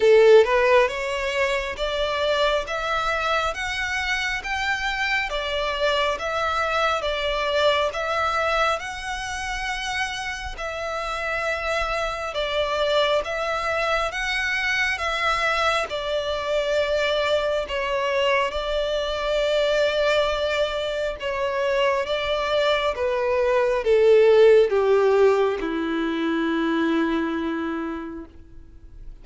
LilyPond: \new Staff \with { instrumentName = "violin" } { \time 4/4 \tempo 4 = 68 a'8 b'8 cis''4 d''4 e''4 | fis''4 g''4 d''4 e''4 | d''4 e''4 fis''2 | e''2 d''4 e''4 |
fis''4 e''4 d''2 | cis''4 d''2. | cis''4 d''4 b'4 a'4 | g'4 e'2. | }